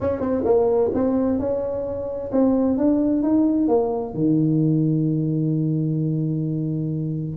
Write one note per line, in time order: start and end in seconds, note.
0.00 0.20 C#4
0.20 0.43 C4
0.44 0.91 A#3
0.94 1.39 C4
1.39 2.31 C#4
2.31 2.77 C4
2.77 3.22 D4
3.22 3.68 D#4
3.68 4.13 A#3
4.13 7.36 D#3